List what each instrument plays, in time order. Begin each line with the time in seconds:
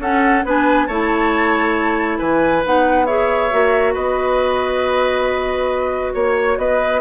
0.00 bassoon C#4, clarinet C#4, oboe A4, flute F#5
0.45 bassoon B3, clarinet D4, oboe B4, flute G#5
0.87 bassoon A3, clarinet E4, oboe C#5, flute A5
2.19 bassoon E3, oboe B4, flute G#5
2.65 bassoon B3, clarinet D#4, flute F#5
3.06 clarinet G#4, oboe C#5, flute E5
3.51 bassoon A#3, clarinet F#4
3.94 bassoon B3, oboe B4, flute D#5
6.15 bassoon A#3, oboe C#5, flute C#5
6.58 bassoon B3, oboe B4, flute D#5